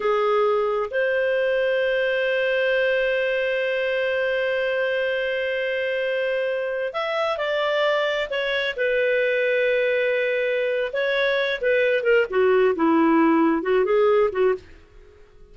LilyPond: \new Staff \with { instrumentName = "clarinet" } { \time 4/4 \tempo 4 = 132 gis'2 c''2~ | c''1~ | c''1~ | c''2.~ c''16 e''8.~ |
e''16 d''2 cis''4 b'8.~ | b'1 | cis''4. b'4 ais'8 fis'4 | e'2 fis'8 gis'4 fis'8 | }